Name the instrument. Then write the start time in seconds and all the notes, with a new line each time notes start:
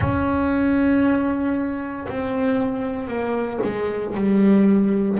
double bass
0.00 C#4
2.08 C4
3.08 A#3
3.63 G#3
4.14 G3